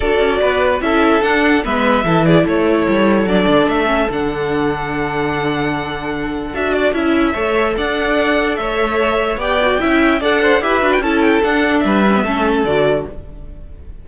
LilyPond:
<<
  \new Staff \with { instrumentName = "violin" } { \time 4/4 \tempo 4 = 147 d''2 e''4 fis''4 | e''4. d''8 cis''2 | d''4 e''4 fis''2~ | fis''1 |
e''8 d''8 e''2 fis''4~ | fis''4 e''2 g''4~ | g''4 fis''4 e''8. g''16 a''8 g''8 | fis''4 e''2 d''4 | }
  \new Staff \with { instrumentName = "violin" } { \time 4/4 a'4 b'4 a'2 | b'4 a'8 gis'8 a'2~ | a'1~ | a'1~ |
a'2 cis''4 d''4~ | d''4 cis''2 d''4 | e''4 d''8 c''8 b'4 a'4~ | a'4 b'4 a'2 | }
  \new Staff \with { instrumentName = "viola" } { \time 4/4 fis'2 e'4 d'4 | b4 e'2. | d'4. cis'8 d'2~ | d'1 |
fis'4 e'4 a'2~ | a'2. g'8 fis'8 | e'4 a'4 g'8 fis'8 e'4 | d'4. cis'16 b16 cis'4 fis'4 | }
  \new Staff \with { instrumentName = "cello" } { \time 4/4 d'8 cis'8 b4 cis'4 d'4 | gis4 e4 a4 g4 | fis8 d8 a4 d2~ | d1 |
d'4 cis'4 a4 d'4~ | d'4 a2 b4 | cis'4 d'4 e'8 d'8 cis'4 | d'4 g4 a4 d4 | }
>>